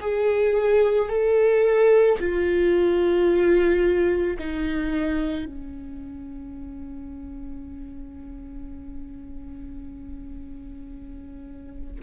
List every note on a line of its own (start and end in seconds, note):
0.00 1.09 G#4
1.09 2.18 A4
2.19 4.37 F4
4.39 5.45 D#4
5.45 12.00 C#4